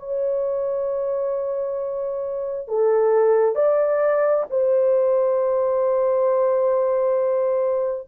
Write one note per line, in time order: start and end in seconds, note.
0.00 2.69 C#5
2.69 3.56 A4
3.56 4.45 D5
4.50 8.08 C5